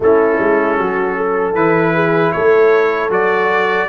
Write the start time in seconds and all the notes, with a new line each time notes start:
0.00 A3 C#4 E4 A4
0.39 G#3
0.78 F#3 F#4
1.16 A4
1.54 E3 E4 B4
1.94 G#4
2.31 A3 A4 C#5
3.09 F#3 F#4 D5